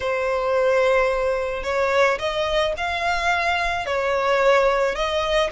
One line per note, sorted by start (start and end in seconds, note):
0.00 1.63 C5
1.63 2.18 C#5
2.18 2.73 D#5
2.77 3.86 F5
3.86 4.95 C#5
4.95 5.50 D#5